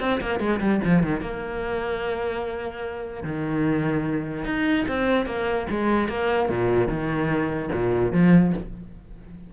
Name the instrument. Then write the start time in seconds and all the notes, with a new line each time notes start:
cello
0.00 C4
0.20 A#3
0.39 G#3
0.60 G3
0.84 F3
1.03 D#3
1.21 A#3
3.23 D#3
4.45 D#4
4.88 C4
5.26 A#3
5.70 G#3
6.08 A#3
6.49 A#2
6.88 D#3
7.72 A#2
8.12 F3